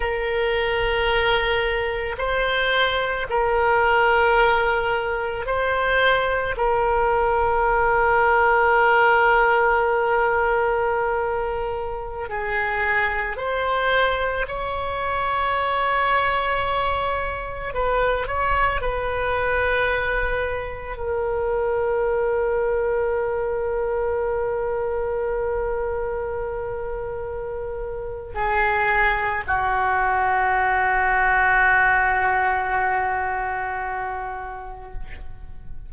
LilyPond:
\new Staff \with { instrumentName = "oboe" } { \time 4/4 \tempo 4 = 55 ais'2 c''4 ais'4~ | ais'4 c''4 ais'2~ | ais'2.~ ais'16 gis'8.~ | gis'16 c''4 cis''2~ cis''8.~ |
cis''16 b'8 cis''8 b'2 ais'8.~ | ais'1~ | ais'2 gis'4 fis'4~ | fis'1 | }